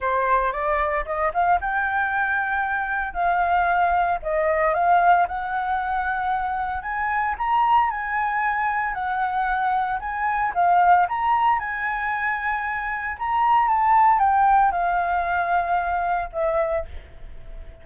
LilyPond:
\new Staff \with { instrumentName = "flute" } { \time 4/4 \tempo 4 = 114 c''4 d''4 dis''8 f''8 g''4~ | g''2 f''2 | dis''4 f''4 fis''2~ | fis''4 gis''4 ais''4 gis''4~ |
gis''4 fis''2 gis''4 | f''4 ais''4 gis''2~ | gis''4 ais''4 a''4 g''4 | f''2. e''4 | }